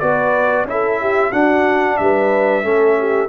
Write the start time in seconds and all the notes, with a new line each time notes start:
0.00 B3 F#4 B4 D5
0.65 C#4 E4 E5
0.71 A4
1.01 G4
1.31 D4 F#4 F#5
1.97 G3 B4 E5
2.63 A3 C#4 A4
2.99 G4